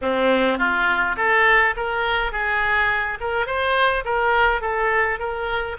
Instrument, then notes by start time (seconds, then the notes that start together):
oboe
0.01 C4
0.58 F4
1.17 A4
1.76 A#4
2.32 G#4
3.20 A#4
3.46 C5
4.04 A#4
4.61 A4
5.19 A#4